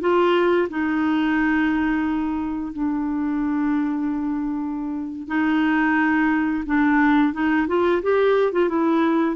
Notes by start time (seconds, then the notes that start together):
0.00 F4
0.69 D#4
2.73 D4
5.27 D#4
6.66 D4
7.33 D#4
7.67 F4
8.02 G4
8.52 F4
8.69 E4